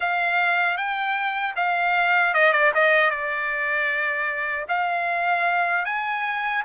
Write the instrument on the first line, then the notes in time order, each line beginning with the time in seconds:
trumpet
0.00 F5
0.77 G5
1.55 F5
2.34 D#5
2.52 D5
2.74 D#5
3.10 D5
4.68 F5
5.85 G#5